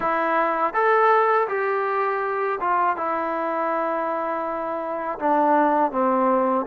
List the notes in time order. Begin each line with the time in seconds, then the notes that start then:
0.00 E4
0.73 A4
1.48 G4
2.60 F4
2.96 E4
5.19 D4
5.91 C4